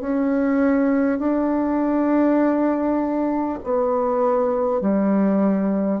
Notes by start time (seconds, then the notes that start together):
0.00 C#4
1.18 D4
3.63 B3
4.81 G3